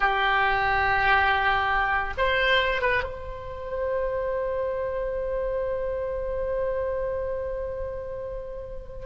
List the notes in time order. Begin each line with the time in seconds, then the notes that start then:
0.00 G4
2.17 C5
2.81 B4
3.03 C5